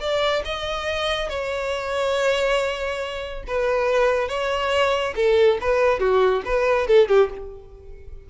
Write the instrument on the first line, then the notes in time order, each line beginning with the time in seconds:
violin
0.00 D5
0.45 D#5
1.29 C#5
3.47 B4
4.28 C#5
5.16 A4
5.61 B4
6.00 F#4
6.45 B4
6.87 A4
7.09 G4